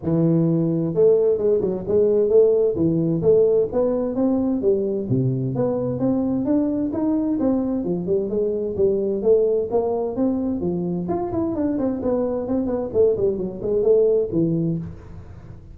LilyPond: \new Staff \with { instrumentName = "tuba" } { \time 4/4 \tempo 4 = 130 e2 a4 gis8 fis8 | gis4 a4 e4 a4 | b4 c'4 g4 c4 | b4 c'4 d'4 dis'4 |
c'4 f8 g8 gis4 g4 | a4 ais4 c'4 f4 | f'8 e'8 d'8 c'8 b4 c'8 b8 | a8 g8 fis8 gis8 a4 e4 | }